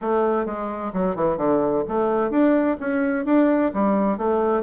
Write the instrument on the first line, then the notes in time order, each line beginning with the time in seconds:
bassoon
0.01 A3
0.45 G#3
0.93 F#3
1.15 E3
1.37 D3
1.88 A3
2.30 D4
2.80 C#4
3.25 D4
3.73 G3
4.17 A3